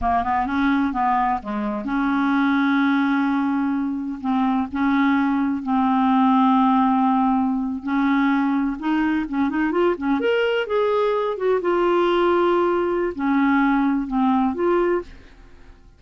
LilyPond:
\new Staff \with { instrumentName = "clarinet" } { \time 4/4 \tempo 4 = 128 ais8 b8 cis'4 b4 gis4 | cis'1~ | cis'4 c'4 cis'2 | c'1~ |
c'8. cis'2 dis'4 cis'16~ | cis'16 dis'8 f'8 cis'8 ais'4 gis'4~ gis'16~ | gis'16 fis'8 f'2.~ f'16 | cis'2 c'4 f'4 | }